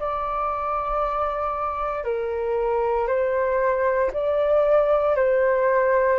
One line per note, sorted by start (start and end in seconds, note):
0.00 2.05 D5
2.05 3.08 A#4
3.08 4.11 C5
4.13 5.16 D5
5.16 6.20 C5